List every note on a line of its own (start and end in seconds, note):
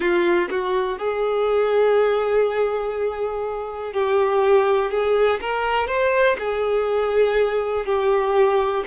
0.00 0.48 F4
0.50 0.98 F#4
0.98 3.93 G#4
3.93 4.90 G4
4.90 5.40 G#4
5.41 5.87 A#4
5.87 6.36 C5
6.38 7.85 G#4
7.85 8.83 G4